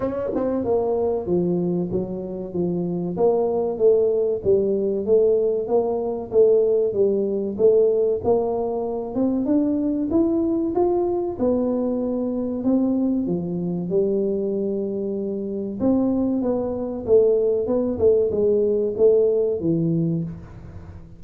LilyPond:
\new Staff \with { instrumentName = "tuba" } { \time 4/4 \tempo 4 = 95 cis'8 c'8 ais4 f4 fis4 | f4 ais4 a4 g4 | a4 ais4 a4 g4 | a4 ais4. c'8 d'4 |
e'4 f'4 b2 | c'4 f4 g2~ | g4 c'4 b4 a4 | b8 a8 gis4 a4 e4 | }